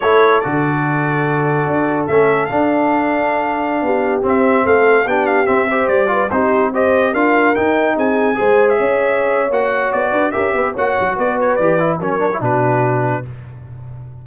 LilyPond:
<<
  \new Staff \with { instrumentName = "trumpet" } { \time 4/4 \tempo 4 = 145 cis''4 d''2.~ | d''4 e''4 f''2~ | f''2~ f''16 e''4 f''8.~ | f''16 g''8 f''8 e''4 d''4 c''8.~ |
c''16 dis''4 f''4 g''4 gis''8.~ | gis''4 e''2 fis''4 | d''4 e''4 fis''4 d''8 cis''8 | d''4 cis''4 b'2 | }
  \new Staff \with { instrumentName = "horn" } { \time 4/4 a'1~ | a'1~ | a'4~ a'16 g'2 a'8.~ | a'16 g'4. c''4 b'8 g'8.~ |
g'16 c''4 ais'2 gis'8.~ | gis'16 c''4 cis''2~ cis''8.~ | cis''8 b'8 ais'8 b'8 cis''4 b'4~ | b'4 ais'4 fis'2 | }
  \new Staff \with { instrumentName = "trombone" } { \time 4/4 e'4 fis'2.~ | fis'4 cis'4 d'2~ | d'2~ d'16 c'4.~ c'16~ | c'16 d'4 c'8 g'4 f'8 dis'8.~ |
dis'16 g'4 f'4 dis'4.~ dis'16~ | dis'16 gis'2~ gis'8. fis'4~ | fis'4 g'4 fis'2 | g'8 e'8 cis'8 d'16 e'16 d'2 | }
  \new Staff \with { instrumentName = "tuba" } { \time 4/4 a4 d2. | d'4 a4 d'2~ | d'4~ d'16 b4 c'4 a8.~ | a16 b4 c'4 g4 c'8.~ |
c'4~ c'16 d'4 dis'4 c'8.~ | c'16 gis4 cis'4.~ cis'16 ais4 | b8 d'8 cis'8 b8 ais8 fis8 b4 | e4 fis4 b,2 | }
>>